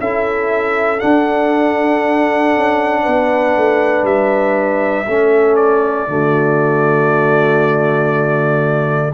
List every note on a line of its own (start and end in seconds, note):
0.00 1.02 C#4
0.00 0.99 E4
0.00 3.03 A4
0.00 1.00 E5
0.99 5.06 D4
0.99 2.56 D4
0.99 4.05 F#5
2.56 3.06 C#4
3.03 3.57 B3
3.03 5.06 B4
3.57 4.03 A3
4.03 5.05 G3
4.03 5.56 E5
5.07 6.08 A3
5.07 6.07 C#4
5.07 6.10 A4
5.56 9.12 D5
6.07 9.13 D3
6.07 9.12 A3
6.07 9.14 F#4